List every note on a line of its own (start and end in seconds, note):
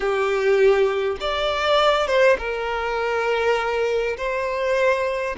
0.00 1.17 G4
1.20 2.07 D5
2.07 2.37 C5
2.38 4.16 A#4
4.17 5.36 C5